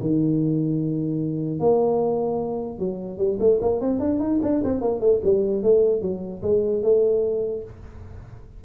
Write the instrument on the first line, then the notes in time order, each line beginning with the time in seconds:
tuba
0.00 D#3
1.59 A#3
2.78 F#3
3.18 G3
3.39 A3
3.61 A#3
3.80 C4
3.99 D4
4.19 D#4
4.42 D4
4.64 C4
4.81 A#3
5.00 A3
5.24 G3
5.62 A3
6.01 F#3
6.42 G#3
6.83 A3